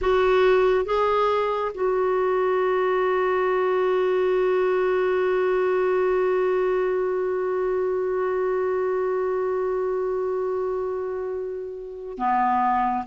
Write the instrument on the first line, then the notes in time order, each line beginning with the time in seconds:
clarinet
0.01 F#4
0.85 G#4
1.74 F#4
12.17 B3